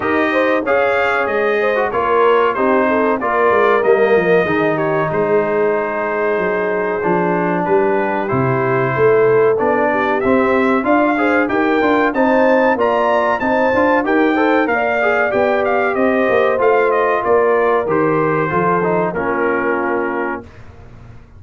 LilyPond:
<<
  \new Staff \with { instrumentName = "trumpet" } { \time 4/4 \tempo 4 = 94 dis''4 f''4 dis''4 cis''4 | c''4 d''4 dis''4. cis''8 | c''1 | b'4 c''2 d''4 |
e''4 f''4 g''4 a''4 | ais''4 a''4 g''4 f''4 | g''8 f''8 dis''4 f''8 dis''8 d''4 | c''2 ais'2 | }
  \new Staff \with { instrumentName = "horn" } { \time 4/4 ais'8 c''8 cis''4. c''8 ais'4 | g'8 a'8 ais'2 gis'8 g'8 | gis'1 | g'2 a'4. g'8~ |
g'4 d''8 c''8 ais'4 c''4 | d''4 c''4 ais'8 c''8 d''4~ | d''4 c''2 ais'4~ | ais'4 a'4 f'2 | }
  \new Staff \with { instrumentName = "trombone" } { \time 4/4 g'4 gis'4.~ gis'16 fis'16 f'4 | dis'4 f'4 ais4 dis'4~ | dis'2. d'4~ | d'4 e'2 d'4 |
c'4 f'8 gis'8 g'8 f'8 dis'4 | f'4 dis'8 f'8 g'8 a'8 ais'8 gis'8 | g'2 f'2 | g'4 f'8 dis'8 cis'2 | }
  \new Staff \with { instrumentName = "tuba" } { \time 4/4 dis'4 cis'4 gis4 ais4 | c'4 ais8 gis8 g8 f8 dis4 | gis2 fis4 f4 | g4 c4 a4 b4 |
c'4 d'4 dis'8 d'8 c'4 | ais4 c'8 d'8 dis'4 ais4 | b4 c'8 ais8 a4 ais4 | dis4 f4 ais2 | }
>>